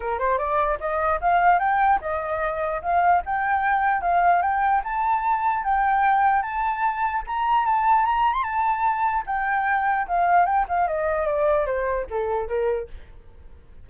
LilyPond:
\new Staff \with { instrumentName = "flute" } { \time 4/4 \tempo 4 = 149 ais'8 c''8 d''4 dis''4 f''4 | g''4 dis''2 f''4 | g''2 f''4 g''4 | a''2 g''2 |
a''2 ais''4 a''4 | ais''8. c'''16 a''2 g''4~ | g''4 f''4 g''8 f''8 dis''4 | d''4 c''4 a'4 ais'4 | }